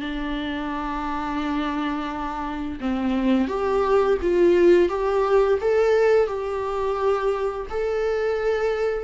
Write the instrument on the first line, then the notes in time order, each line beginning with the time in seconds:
viola
0.00 D4
2.80 C4
3.48 G4
4.22 F4
4.89 G4
5.61 A4
6.27 G4
7.70 A4